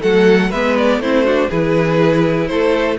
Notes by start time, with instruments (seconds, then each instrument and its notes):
0.00 cello F#3, viola A3, violin A4 F#5
0.50 cello G#3, viola B3, violin B4 E5
0.77 violin D5
0.98 cello A3, viola C4, violin E4 C5
1.24 viola D4, violin F#4
1.49 cello E3, viola E4, violin G#4 B4
2.47 cello A3, violin A4 C5